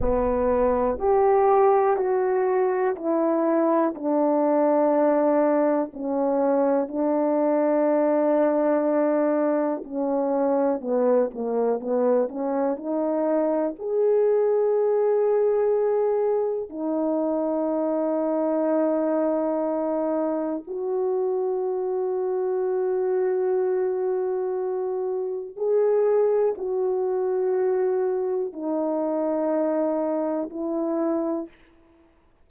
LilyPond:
\new Staff \with { instrumentName = "horn" } { \time 4/4 \tempo 4 = 61 b4 g'4 fis'4 e'4 | d'2 cis'4 d'4~ | d'2 cis'4 b8 ais8 | b8 cis'8 dis'4 gis'2~ |
gis'4 dis'2.~ | dis'4 fis'2.~ | fis'2 gis'4 fis'4~ | fis'4 dis'2 e'4 | }